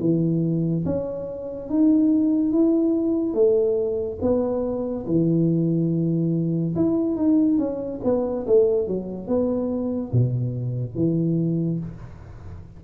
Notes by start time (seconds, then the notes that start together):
0.00 E3
0.85 C#4
1.69 D#4
2.52 E4
3.34 A3
4.21 B3
5.06 E3
6.75 E4
7.16 D#4
7.58 C#4
8.04 B3
8.47 A3
8.87 F#3
9.27 B3
10.12 B2
10.95 E3